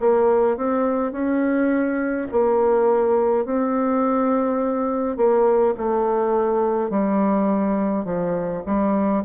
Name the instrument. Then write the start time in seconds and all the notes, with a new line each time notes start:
bassoon
0.00 A#3
0.57 C4
1.12 C#4
2.32 A#3
3.46 C4
5.17 A#3
5.77 A3
6.90 G3
8.05 F3
8.66 G3